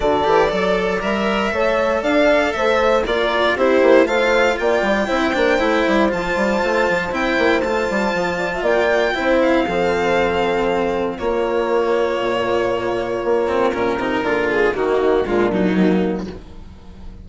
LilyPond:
<<
  \new Staff \with { instrumentName = "violin" } { \time 4/4 \tempo 4 = 118 d''2 e''2 | f''4 e''4 d''4 c''4 | f''4 g''2. | a''2 g''4 a''4~ |
a''4 g''4. f''4.~ | f''2 cis''2~ | cis''2. ais'4~ | ais'8 gis'8 fis'4 f'8 dis'4. | }
  \new Staff \with { instrumentName = "horn" } { \time 4/4 a'4 d''2 cis''4 | d''4 c''4 ais'4 g'4 | c''4 d''4 c''2~ | c''1~ |
c''8 d''16 e''16 d''4 c''4 a'4~ | a'2 f'2~ | f'1 | ais4 dis'4 d'4 ais4 | }
  \new Staff \with { instrumentName = "cello" } { \time 4/4 fis'8 g'8 a'4 ais'4 a'4~ | a'2 f'4 e'4 | f'2 e'8 d'8 e'4 | f'2 e'4 f'4~ |
f'2 e'4 c'4~ | c'2 ais2~ | ais2~ ais8 c'8 cis'8 dis'8 | f'4 ais4 gis8 fis4. | }
  \new Staff \with { instrumentName = "bassoon" } { \time 4/4 d8 e8 fis4 g4 a4 | d'4 a4 ais4 c'8 ais8 | a4 ais8 g8 c'8 ais8 a8 g8 | f8 g8 a8 f8 c'8 ais8 a8 g8 |
f4 ais4 c'4 f4~ | f2 ais2 | ais,2 ais4 ais,8 c8 | d4 dis4 ais,4 dis,4 | }
>>